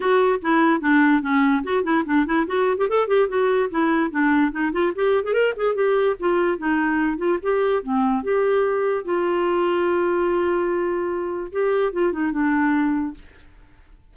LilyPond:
\new Staff \with { instrumentName = "clarinet" } { \time 4/4 \tempo 4 = 146 fis'4 e'4 d'4 cis'4 | fis'8 e'8 d'8 e'8 fis'8. g'16 a'8 g'8 | fis'4 e'4 d'4 dis'8 f'8 | g'8. gis'16 ais'8 gis'8 g'4 f'4 |
dis'4. f'8 g'4 c'4 | g'2 f'2~ | f'1 | g'4 f'8 dis'8 d'2 | }